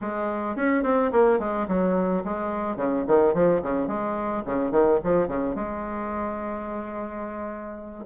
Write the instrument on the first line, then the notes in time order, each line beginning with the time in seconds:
bassoon
0.01 G#3
0.56 C#4
0.83 C4
1.11 A#3
1.39 G#3
1.67 F#3
2.24 G#3
2.76 C#3
3.07 D#3
3.34 F3
3.62 C#3
3.87 G#3
4.45 C#3
4.71 D#3
5.03 F3
5.27 C#3
5.55 G#3